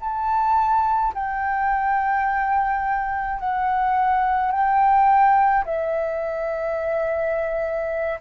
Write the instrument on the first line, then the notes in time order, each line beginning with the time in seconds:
flute
0.00 A5
1.14 G5
3.39 F#5
4.51 G5
5.65 E5